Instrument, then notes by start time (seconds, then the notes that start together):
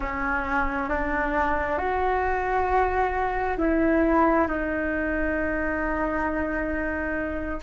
flute
0.00 C#4
0.89 D4
1.77 F#4
3.57 E4
4.47 D#4